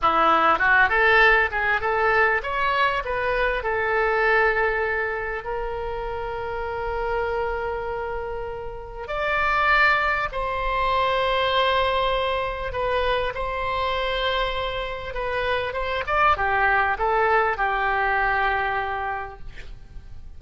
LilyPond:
\new Staff \with { instrumentName = "oboe" } { \time 4/4 \tempo 4 = 99 e'4 fis'8 a'4 gis'8 a'4 | cis''4 b'4 a'2~ | a'4 ais'2.~ | ais'2. d''4~ |
d''4 c''2.~ | c''4 b'4 c''2~ | c''4 b'4 c''8 d''8 g'4 | a'4 g'2. | }